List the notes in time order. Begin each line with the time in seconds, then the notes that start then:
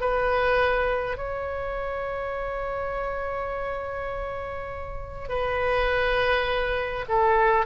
0.00 B4
1.17 C#5
5.28 B4
7.09 A4